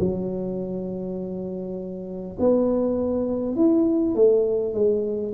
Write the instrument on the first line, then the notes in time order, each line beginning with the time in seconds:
tuba
0.00 F#3
2.40 B3
3.56 E4
4.15 A3
4.74 G#3